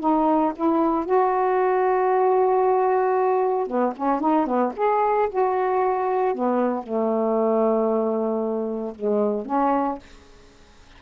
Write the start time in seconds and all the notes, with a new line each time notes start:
0.00 D#4
0.56 E4
1.05 F#4
3.67 B3
3.96 C#4
4.20 D#4
4.46 B3
4.76 G#4
5.29 F#4
6.34 B3
6.83 A3
8.95 G#3
9.45 C#4